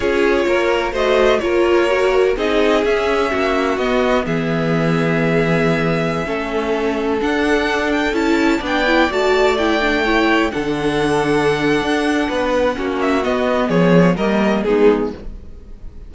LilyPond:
<<
  \new Staff \with { instrumentName = "violin" } { \time 4/4 \tempo 4 = 127 cis''2 dis''4 cis''4~ | cis''4 dis''4 e''2 | dis''4 e''2.~ | e''2.~ e''16 fis''8.~ |
fis''8. g''8 a''4 g''4 a''8.~ | a''16 g''2 fis''4.~ fis''16~ | fis''2.~ fis''8 e''8 | dis''4 cis''4 dis''4 gis'4 | }
  \new Staff \with { instrumentName = "violin" } { \time 4/4 gis'4 ais'4 c''4 ais'4~ | ais'4 gis'2 fis'4~ | fis'4 gis'2.~ | gis'4~ gis'16 a'2~ a'8.~ |
a'2~ a'16 d''4.~ d''16~ | d''4~ d''16 cis''4 a'4.~ a'16~ | a'2 b'4 fis'4~ | fis'4 gis'4 ais'4 dis'4 | }
  \new Staff \with { instrumentName = "viola" } { \time 4/4 f'2 fis'4 f'4 | fis'4 dis'4 cis'2 | b1~ | b4~ b16 cis'2 d'8.~ |
d'4~ d'16 e'4 d'8 e'8 fis'8.~ | fis'16 e'8 d'8 e'4 d'4.~ d'16~ | d'2. cis'4 | b2 ais4 b4 | }
  \new Staff \with { instrumentName = "cello" } { \time 4/4 cis'4 ais4 a4 ais4~ | ais4 c'4 cis'4 ais4 | b4 e2.~ | e4~ e16 a2 d'8.~ |
d'4~ d'16 cis'4 b4 a8.~ | a2~ a16 d4.~ d16~ | d4 d'4 b4 ais4 | b4 f4 g4 gis4 | }
>>